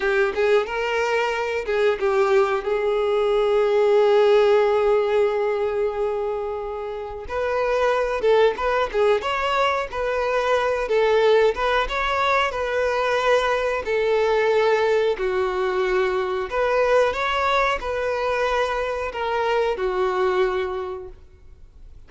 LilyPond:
\new Staff \with { instrumentName = "violin" } { \time 4/4 \tempo 4 = 91 g'8 gis'8 ais'4. gis'8 g'4 | gis'1~ | gis'2. b'4~ | b'8 a'8 b'8 gis'8 cis''4 b'4~ |
b'8 a'4 b'8 cis''4 b'4~ | b'4 a'2 fis'4~ | fis'4 b'4 cis''4 b'4~ | b'4 ais'4 fis'2 | }